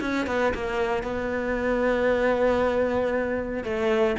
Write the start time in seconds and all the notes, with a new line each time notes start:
0.00 C#4
0.26 B3
0.54 A#3
1.03 B3
3.64 A3